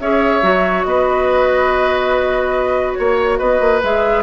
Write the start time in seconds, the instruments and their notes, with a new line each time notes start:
0.00 bassoon C#4, clarinet G#4, oboe C#5, flute E5
0.42 bassoon F#3, clarinet F#4
0.84 bassoon B3, oboe B4, flute D#5
2.93 bassoon A#3, flute C#5, oboe C#5
3.38 bassoon B3, oboe B4, flute D#5
3.60 bassoon A#3
3.83 bassoon G#3, clarinet G#4, flute E5